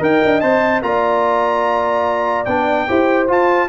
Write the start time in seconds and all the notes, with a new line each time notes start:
0.00 D#4 A#4 D#5 G5
0.25 D4
0.41 C4 C5 A5
0.82 A#3 F4 D5 A#5
2.45 B3 D4 G5
2.88 E4 G4 C5
3.28 F4 A5